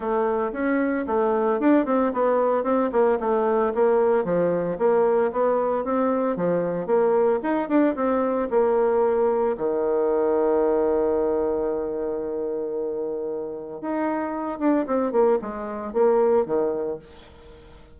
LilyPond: \new Staff \with { instrumentName = "bassoon" } { \time 4/4 \tempo 4 = 113 a4 cis'4 a4 d'8 c'8 | b4 c'8 ais8 a4 ais4 | f4 ais4 b4 c'4 | f4 ais4 dis'8 d'8 c'4 |
ais2 dis2~ | dis1~ | dis2 dis'4. d'8 | c'8 ais8 gis4 ais4 dis4 | }